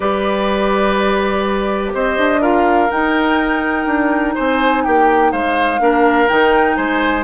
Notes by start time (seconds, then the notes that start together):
0.00 G3 G4 B4 D5
1.93 C4 C5 D#5
2.17 D4
2.41 F4 A#4 F5
2.89 D#4 G5
3.86 D4
4.34 C4 C5 G#5
4.83 A#3 G4 G5
5.32 G#3 C5 F5
5.79 A#3 D4 A#4
6.28 D#3 D#4 G5
6.76 G#3 C5 G#5